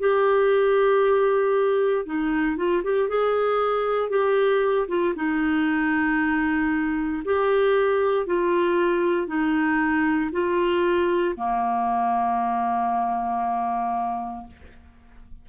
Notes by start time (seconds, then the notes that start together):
0.00 G4
2.05 D#4
2.57 F4
2.84 G4
3.09 G#4
4.10 G4
4.88 F4
5.16 D#4
7.25 G4
8.26 F4
9.27 D#4
10.32 F4
11.37 A#3